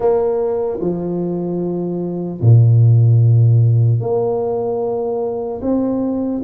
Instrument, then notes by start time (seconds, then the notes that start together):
tuba
0.00 A#3
0.80 F3
2.41 A#2
4.00 A#3
5.61 C4